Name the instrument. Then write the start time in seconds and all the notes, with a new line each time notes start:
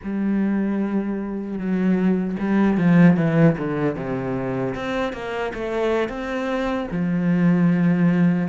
cello
0.03 G3
1.58 F#3
2.39 G3
2.77 F3
3.17 E3
3.57 D3
3.95 C3
4.74 C4
5.12 A#3
5.53 A3
6.08 C4
6.91 F3